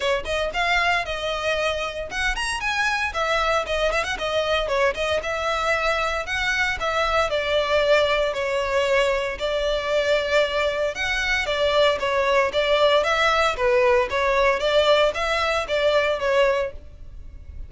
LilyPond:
\new Staff \with { instrumentName = "violin" } { \time 4/4 \tempo 4 = 115 cis''8 dis''8 f''4 dis''2 | fis''8 ais''8 gis''4 e''4 dis''8 e''16 fis''16 | dis''4 cis''8 dis''8 e''2 | fis''4 e''4 d''2 |
cis''2 d''2~ | d''4 fis''4 d''4 cis''4 | d''4 e''4 b'4 cis''4 | d''4 e''4 d''4 cis''4 | }